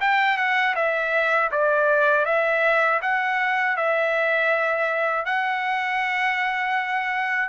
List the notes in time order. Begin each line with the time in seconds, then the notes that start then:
0.00 G5
0.37 F#5
0.75 E5
1.51 D5
2.25 E5
3.01 F#5
3.76 E5
5.25 F#5